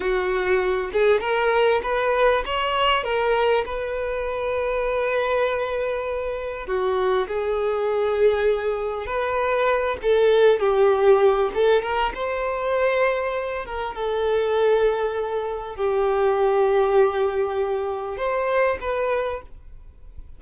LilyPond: \new Staff \with { instrumentName = "violin" } { \time 4/4 \tempo 4 = 99 fis'4. gis'8 ais'4 b'4 | cis''4 ais'4 b'2~ | b'2. fis'4 | gis'2. b'4~ |
b'8 a'4 g'4. a'8 ais'8 | c''2~ c''8 ais'8 a'4~ | a'2 g'2~ | g'2 c''4 b'4 | }